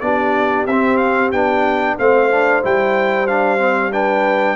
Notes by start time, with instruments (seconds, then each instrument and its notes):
0.00 tuba B3, trombone D4, horn G4, trumpet D5
0.66 tuba C4, trombone C4, trumpet E5
0.97 trumpet F5
1.31 tuba B3, trombone D4, trumpet G5
1.98 tuba A3, trombone C4, horn C5, trumpet F5
2.30 trombone D4
2.62 tuba G3, trombone E4, trumpet G5
3.26 trombone D4, trumpet F5
3.58 trombone C4
3.91 trombone D4, horn B4, trumpet G5